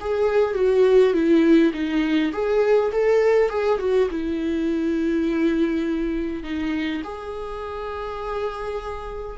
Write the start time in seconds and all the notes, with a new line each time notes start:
0.00 G#4
0.55 F#4
1.13 E4
1.73 D#4
2.32 G#4
2.92 A4
3.49 G#4
3.79 F#4
4.10 E4
6.43 D#4
7.04 G#4